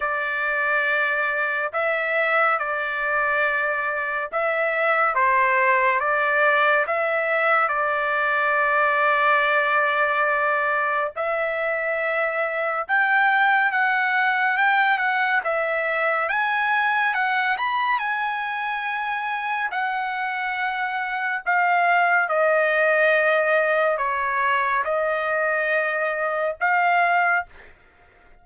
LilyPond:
\new Staff \with { instrumentName = "trumpet" } { \time 4/4 \tempo 4 = 70 d''2 e''4 d''4~ | d''4 e''4 c''4 d''4 | e''4 d''2.~ | d''4 e''2 g''4 |
fis''4 g''8 fis''8 e''4 gis''4 | fis''8 b''8 gis''2 fis''4~ | fis''4 f''4 dis''2 | cis''4 dis''2 f''4 | }